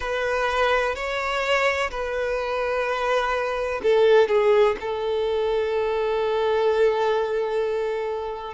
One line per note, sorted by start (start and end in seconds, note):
0.00 0.95 B4
0.95 1.90 C#5
1.90 3.81 B4
3.83 4.28 A4
4.28 4.76 G#4
4.80 8.54 A4